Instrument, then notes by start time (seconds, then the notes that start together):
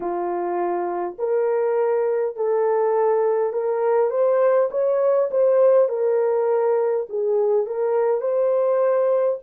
horn
0.00 F4
1.18 A#4
2.36 A4
3.52 A#4
4.10 C5
4.71 C#5
5.30 C5
5.88 A#4
7.09 G#4
7.66 A#4
8.21 C5